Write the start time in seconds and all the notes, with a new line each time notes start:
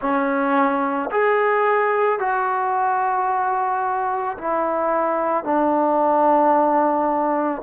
0.00 C#4
1.11 G#4
2.19 F#4
4.37 E4
5.43 D4